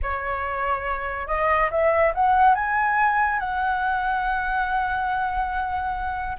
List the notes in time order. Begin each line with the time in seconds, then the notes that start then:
0.02 C#5
1.27 D#5
1.70 E5
2.14 F#5
2.54 G#5
3.39 F#5